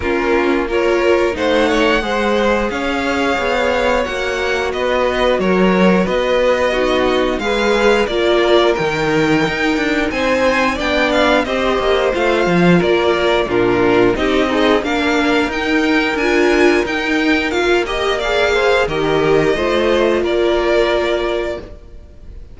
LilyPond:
<<
  \new Staff \with { instrumentName = "violin" } { \time 4/4 \tempo 4 = 89 ais'4 cis''4 fis''2 | f''2 fis''4 dis''4 | cis''4 dis''2 f''4 | d''4 g''2 gis''4 |
g''8 f''8 dis''4 f''4 d''4 | ais'4 dis''4 f''4 g''4 | gis''4 g''4 f''8 dis''8 f''4 | dis''2 d''2 | }
  \new Staff \with { instrumentName = "violin" } { \time 4/4 f'4 ais'4 c''8 cis''8 c''4 | cis''2. b'4 | ais'4 b'4 fis'4 b'4 | ais'2. c''4 |
d''4 c''2 ais'4 | f'4 g'8 dis'8 ais'2~ | ais'2~ ais'8 dis''8 d''8 c''8 | ais'4 c''4 ais'2 | }
  \new Staff \with { instrumentName = "viola" } { \time 4/4 cis'4 f'4 dis'4 gis'4~ | gis'2 fis'2~ | fis'2 dis'4 gis'4 | f'4 dis'2. |
d'4 g'4 f'2 | d'4 dis'8 gis'8 d'4 dis'4 | f'4 dis'4 f'8 g'8 gis'4 | g'4 f'2. | }
  \new Staff \with { instrumentName = "cello" } { \time 4/4 ais2 a4 gis4 | cis'4 b4 ais4 b4 | fis4 b2 gis4 | ais4 dis4 dis'8 d'8 c'4 |
b4 c'8 ais8 a8 f8 ais4 | ais,4 c'4 ais4 dis'4 | d'4 dis'4 ais2 | dis4 a4 ais2 | }
>>